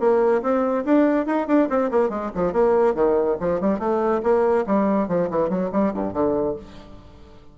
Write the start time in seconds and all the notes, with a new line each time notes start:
0.00 A#3
0.42 C4
0.85 D4
1.27 D#4
1.48 D4
1.70 C4
1.91 A#3
2.10 G#3
2.35 F3
2.53 A#3
2.95 D#3
3.40 F3
3.61 G3
3.79 A3
4.23 A#3
4.67 G3
5.09 F3
5.30 E3
5.50 F#3
5.73 G3
5.94 G2
6.14 D3